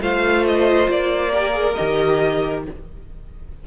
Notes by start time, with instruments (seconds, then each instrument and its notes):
0.00 cello A3, viola F4, violin C5 F5
0.46 violin D#5
0.88 cello A#3, violin D5
1.31 viola G4, violin A#4
1.52 viola G#4
1.74 cello D#3, viola G4, violin D#5